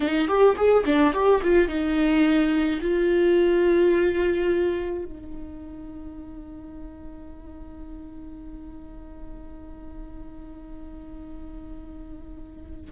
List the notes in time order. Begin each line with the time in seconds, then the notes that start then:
0.00 D#4
0.28 G4
0.56 G#4
0.85 D4
1.13 G4
1.42 F4
1.67 D#4
2.81 F4
5.04 D#4